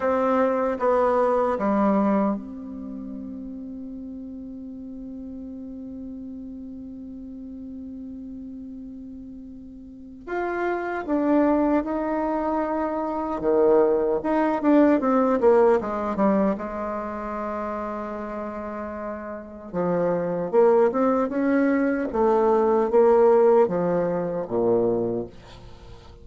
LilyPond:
\new Staff \with { instrumentName = "bassoon" } { \time 4/4 \tempo 4 = 76 c'4 b4 g4 c'4~ | c'1~ | c'1~ | c'4 f'4 d'4 dis'4~ |
dis'4 dis4 dis'8 d'8 c'8 ais8 | gis8 g8 gis2.~ | gis4 f4 ais8 c'8 cis'4 | a4 ais4 f4 ais,4 | }